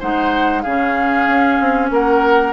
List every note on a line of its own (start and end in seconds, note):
0.00 0.65 G#3
0.00 0.64 D#4
0.00 0.63 C5
0.00 0.62 F#5
0.62 1.28 C#3
0.62 2.53 C#4
0.62 1.91 G#4
0.62 1.89 F5
1.28 1.60 C#4
1.60 1.91 C4
1.91 2.53 A#3
1.91 2.53 A#4
1.91 2.53 F#5